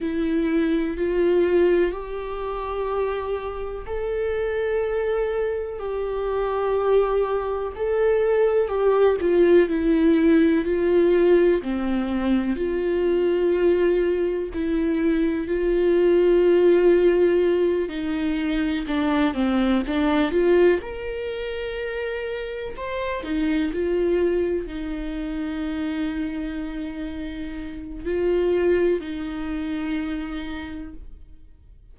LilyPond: \new Staff \with { instrumentName = "viola" } { \time 4/4 \tempo 4 = 62 e'4 f'4 g'2 | a'2 g'2 | a'4 g'8 f'8 e'4 f'4 | c'4 f'2 e'4 |
f'2~ f'8 dis'4 d'8 | c'8 d'8 f'8 ais'2 c''8 | dis'8 f'4 dis'2~ dis'8~ | dis'4 f'4 dis'2 | }